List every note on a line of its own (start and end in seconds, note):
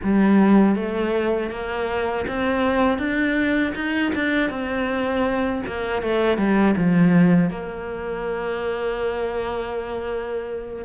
0.03 0.75 G3
0.75 1.50 A3
1.50 2.25 A#3
2.27 2.98 C4
2.98 3.73 D4
3.75 4.12 D#4
4.15 4.50 D4
4.50 5.62 C4
5.66 6.02 A#3
6.02 6.37 A3
6.37 6.75 G3
6.76 7.50 F3
7.50 10.85 A#3